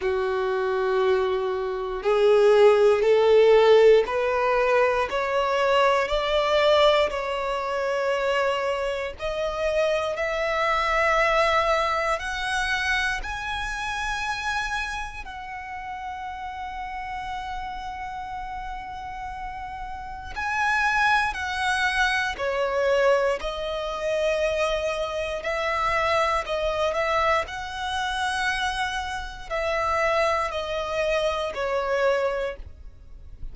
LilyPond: \new Staff \with { instrumentName = "violin" } { \time 4/4 \tempo 4 = 59 fis'2 gis'4 a'4 | b'4 cis''4 d''4 cis''4~ | cis''4 dis''4 e''2 | fis''4 gis''2 fis''4~ |
fis''1 | gis''4 fis''4 cis''4 dis''4~ | dis''4 e''4 dis''8 e''8 fis''4~ | fis''4 e''4 dis''4 cis''4 | }